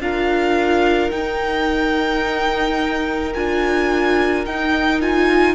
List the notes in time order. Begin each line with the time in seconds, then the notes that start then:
0.00 D4 F4 A#4 F5
1.11 D#4 G5
3.34 D4 F4 G#5
4.46 D#4 G5
5.01 F4 G#5